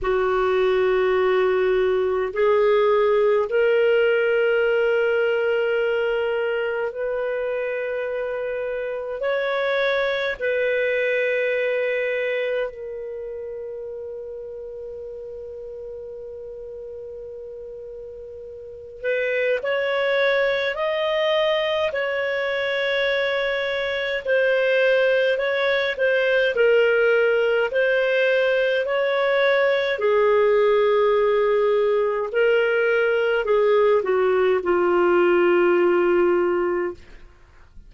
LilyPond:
\new Staff \with { instrumentName = "clarinet" } { \time 4/4 \tempo 4 = 52 fis'2 gis'4 ais'4~ | ais'2 b'2 | cis''4 b'2 ais'4~ | ais'1~ |
ais'8 b'8 cis''4 dis''4 cis''4~ | cis''4 c''4 cis''8 c''8 ais'4 | c''4 cis''4 gis'2 | ais'4 gis'8 fis'8 f'2 | }